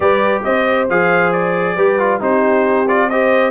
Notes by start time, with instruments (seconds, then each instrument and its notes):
0.00 tuba G3, trombone G4, horn B4, trumpet D5
0.44 tuba C4, horn C5, trumpet D#5
0.89 tuba F3, trombone G#4, trumpet F5
1.32 trumpet D5
1.75 tuba G3, trombone G4, horn B4
1.99 trombone F4
2.20 tuba C4, trombone D#4, horn G4, trumpet C5
2.87 trombone F4, trumpet D5
3.09 trombone G4, horn C5, trumpet D#5